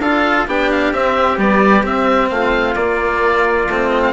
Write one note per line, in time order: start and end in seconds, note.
0.00 0.46 D4
0.00 0.48 F4
0.00 0.48 A4
0.00 0.47 F5
0.47 0.93 B3
0.47 0.94 D4
0.47 2.32 G4
0.47 0.72 G5
0.72 0.93 F5
0.93 1.39 C4
0.93 1.38 C4
0.93 1.39 E5
1.38 1.83 G3
1.38 1.85 B3
1.38 1.85 D5
1.83 2.75 C4
1.83 2.30 C4
1.83 2.30 E5
2.30 2.76 A3
2.30 4.13 F4
2.30 2.75 F5
2.75 3.67 A#3
2.75 3.68 A#3
2.75 3.90 D5
3.68 4.13 A3
3.68 4.13 C4
3.90 4.01 D#5
4.03 4.13 F5